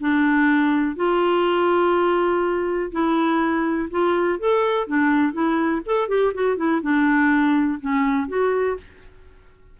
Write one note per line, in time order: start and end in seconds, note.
0.00 0.96 D4
0.96 2.91 F4
2.92 3.89 E4
3.90 4.39 F4
4.39 4.87 A4
4.87 5.33 D4
5.33 5.81 E4
5.86 6.09 A4
6.09 6.33 G4
6.34 6.57 F#4
6.57 6.81 E4
6.82 7.80 D4
7.80 8.28 C#4
8.28 8.77 F#4